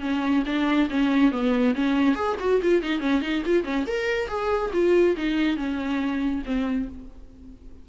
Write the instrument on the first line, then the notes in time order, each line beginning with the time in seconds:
viola
0.00 C#4
0.46 D4
0.90 C#4
1.31 B3
1.75 C#4
2.15 G#4
2.39 F#4
2.62 F4
2.82 D#4
3.00 C#4
3.21 D#4
3.45 F4
3.64 C#4
3.86 A#4
4.27 G#4
4.73 F4
5.17 D#4
5.56 C#4
6.45 C4